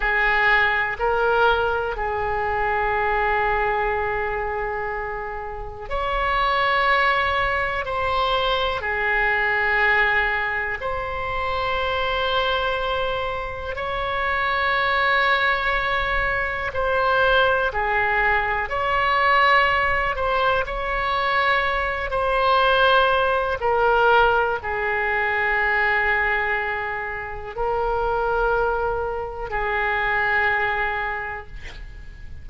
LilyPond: \new Staff \with { instrumentName = "oboe" } { \time 4/4 \tempo 4 = 61 gis'4 ais'4 gis'2~ | gis'2 cis''2 | c''4 gis'2 c''4~ | c''2 cis''2~ |
cis''4 c''4 gis'4 cis''4~ | cis''8 c''8 cis''4. c''4. | ais'4 gis'2. | ais'2 gis'2 | }